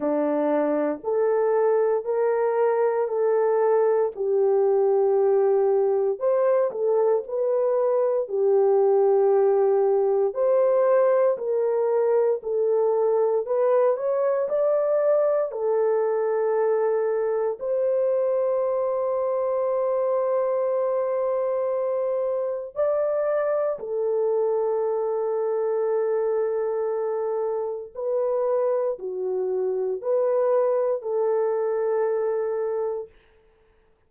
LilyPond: \new Staff \with { instrumentName = "horn" } { \time 4/4 \tempo 4 = 58 d'4 a'4 ais'4 a'4 | g'2 c''8 a'8 b'4 | g'2 c''4 ais'4 | a'4 b'8 cis''8 d''4 a'4~ |
a'4 c''2.~ | c''2 d''4 a'4~ | a'2. b'4 | fis'4 b'4 a'2 | }